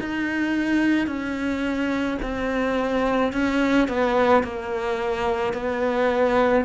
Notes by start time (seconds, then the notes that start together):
0.00 D#4
1.07 C#4
2.23 C4
3.33 C#4
3.89 B3
4.44 A#3
5.54 B3